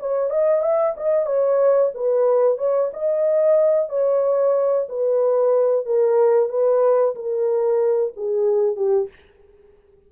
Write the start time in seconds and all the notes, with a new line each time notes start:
0.00 C#5
0.30 D#5
0.63 E5
0.98 D#5
1.27 C#5
1.95 B4
2.58 C#5
2.94 D#5
3.90 C#5
4.89 B4
5.86 A#4
6.50 B4
7.16 A#4
8.17 G#4
8.77 G4